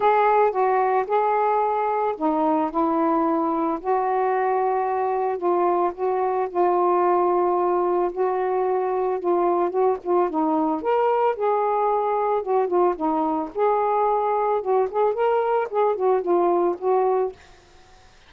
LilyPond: \new Staff \with { instrumentName = "saxophone" } { \time 4/4 \tempo 4 = 111 gis'4 fis'4 gis'2 | dis'4 e'2 fis'4~ | fis'2 f'4 fis'4 | f'2. fis'4~ |
fis'4 f'4 fis'8 f'8 dis'4 | ais'4 gis'2 fis'8 f'8 | dis'4 gis'2 fis'8 gis'8 | ais'4 gis'8 fis'8 f'4 fis'4 | }